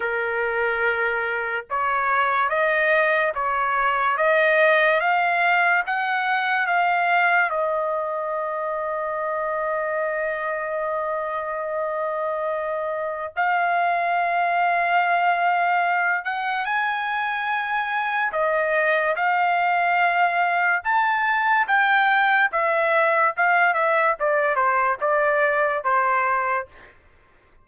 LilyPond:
\new Staff \with { instrumentName = "trumpet" } { \time 4/4 \tempo 4 = 72 ais'2 cis''4 dis''4 | cis''4 dis''4 f''4 fis''4 | f''4 dis''2.~ | dis''1 |
f''2.~ f''8 fis''8 | gis''2 dis''4 f''4~ | f''4 a''4 g''4 e''4 | f''8 e''8 d''8 c''8 d''4 c''4 | }